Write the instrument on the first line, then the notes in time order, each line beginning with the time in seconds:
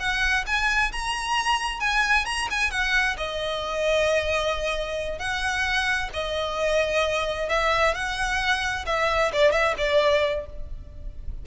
violin
0.00 F#5
0.47 G#5
0.92 A#5
1.80 G#5
2.26 A#5
2.51 G#5
2.71 F#5
3.18 D#5
5.19 F#5
6.14 D#5
7.50 E5
7.95 F#5
8.86 E5
9.33 D5
9.52 E5
9.78 D5